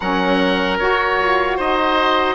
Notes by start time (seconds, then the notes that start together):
0.00 F#3 C#4 A#4 F#5
0.78 F#4 C#5
1.21 F4
1.57 D#4 C5 D#5